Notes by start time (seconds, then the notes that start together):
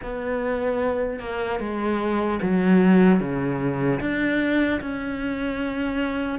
0.02 B3
1.19 A#3
1.59 G#3
2.42 F#3
3.20 C#3
4.00 D4
4.80 C#4